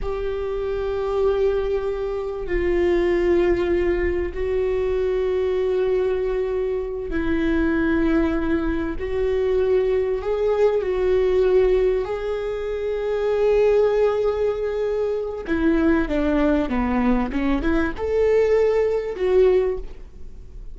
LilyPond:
\new Staff \with { instrumentName = "viola" } { \time 4/4 \tempo 4 = 97 g'1 | f'2. fis'4~ | fis'2.~ fis'8 e'8~ | e'2~ e'8 fis'4.~ |
fis'8 gis'4 fis'2 gis'8~ | gis'1~ | gis'4 e'4 d'4 b4 | cis'8 e'8 a'2 fis'4 | }